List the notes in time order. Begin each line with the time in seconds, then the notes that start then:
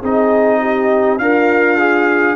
0.00 C4 D#4 G#4 D#5
0.60 G4
1.18 D4 F4 A#4 F5
1.78 G#4